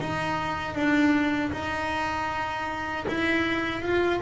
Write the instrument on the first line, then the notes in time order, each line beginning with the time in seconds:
double bass
0.00 D#4
0.74 D4
1.52 D#4
3.08 E4
3.82 F4